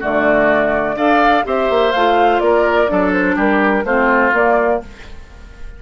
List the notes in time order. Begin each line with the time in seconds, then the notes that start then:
0.00 D3 A3 F#4 D5
0.96 D4 A4 D5 F5
1.44 C4 G4 C5 E5
1.69 A#3
1.92 A3 F4 F5
2.40 A#3 A#4 D5
2.87 F#3 D4 A4
3.13 C5
3.36 G3 G4 A#4
3.84 A3 C4 F4 C5
4.33 A#3 D5